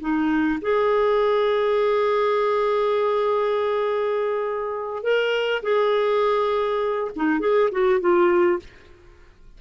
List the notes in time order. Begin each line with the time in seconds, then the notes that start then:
0.00 D#4
0.61 G#4
5.03 A#4
5.62 G#4
7.16 D#4
7.40 G#4
7.71 F#4
8.00 F4